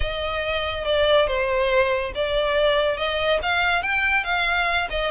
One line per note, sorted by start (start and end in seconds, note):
0.00 0.85 D#5
0.85 1.27 D5
1.27 2.12 C5
2.15 2.97 D5
2.97 3.39 D#5
3.42 3.82 F5
3.82 4.24 G5
4.24 4.88 F5
4.89 5.11 D#5